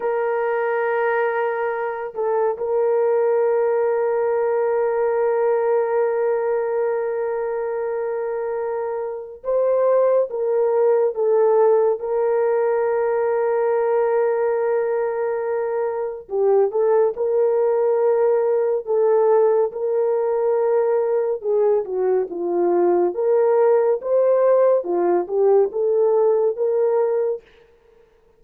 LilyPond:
\new Staff \with { instrumentName = "horn" } { \time 4/4 \tempo 4 = 70 ais'2~ ais'8 a'8 ais'4~ | ais'1~ | ais'2. c''4 | ais'4 a'4 ais'2~ |
ais'2. g'8 a'8 | ais'2 a'4 ais'4~ | ais'4 gis'8 fis'8 f'4 ais'4 | c''4 f'8 g'8 a'4 ais'4 | }